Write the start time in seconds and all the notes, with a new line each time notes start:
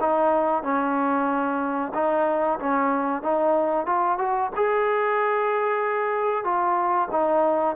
0.00 D#4
0.63 C#4
1.94 D#4
2.59 C#4
3.22 D#4
3.86 F4
4.18 F#4
4.56 G#4
6.44 F4
7.11 D#4